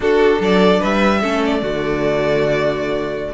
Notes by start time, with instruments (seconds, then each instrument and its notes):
0.00 cello D4, viola D4, violin F#4 A4
0.39 cello F#3, violin A4 D5
0.79 cello G3, violin B4 E5
1.20 cello A3, viola C#4, violin A4
1.44 violin D5
1.61 cello D3, viola A3, violin F#4